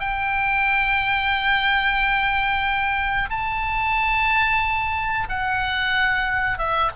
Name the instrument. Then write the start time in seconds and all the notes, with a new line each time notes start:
oboe
0.00 G5
3.30 A5
5.29 F#5
6.58 E5